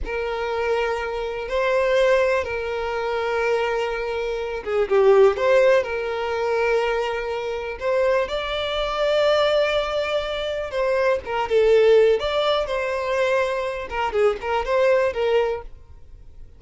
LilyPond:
\new Staff \with { instrumentName = "violin" } { \time 4/4 \tempo 4 = 123 ais'2. c''4~ | c''4 ais'2.~ | ais'4. gis'8 g'4 c''4 | ais'1 |
c''4 d''2.~ | d''2 c''4 ais'8 a'8~ | a'4 d''4 c''2~ | c''8 ais'8 gis'8 ais'8 c''4 ais'4 | }